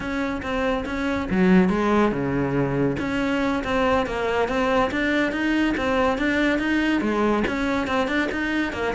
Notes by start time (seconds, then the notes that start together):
0.00 C#4
0.42 C4
0.85 C#4
1.30 F#3
1.69 G#3
2.11 C#3
2.99 C#4
3.64 C4
4.06 A#3
4.48 C4
4.91 D4
5.32 D#4
5.77 C4
6.17 D4
6.58 D#4
7.01 G#3
7.47 C#4
7.87 C4
8.07 D4
8.31 D#4
8.72 A#3